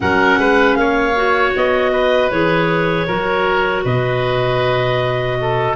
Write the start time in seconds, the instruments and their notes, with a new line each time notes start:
0.00 tuba F#3, clarinet C#4 F#5, oboe A#4
0.37 tuba G#3, oboe B4
0.74 tuba A#3, oboe C#5, clarinet F5
1.15 clarinet F#4
1.55 tuba B3, clarinet D#5
1.92 oboe B4
2.30 tuba E3, clarinet G#4 C#5
3.07 tuba F#3, clarinet F#4, oboe A#4
3.84 tuba B2, oboe B4, clarinet D#5
5.40 oboe A4